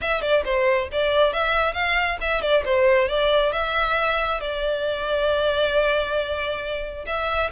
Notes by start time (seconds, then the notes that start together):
0.01 E5
0.21 D5
0.44 C5
0.91 D5
1.33 E5
1.73 F5
2.21 E5
2.41 D5
2.65 C5
3.08 D5
3.52 E5
4.40 D5
7.06 E5